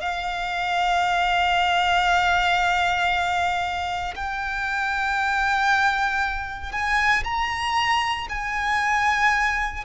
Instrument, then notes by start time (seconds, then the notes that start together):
violin
0.00 F5
4.16 G5
6.71 G#5
7.24 A#5
8.29 G#5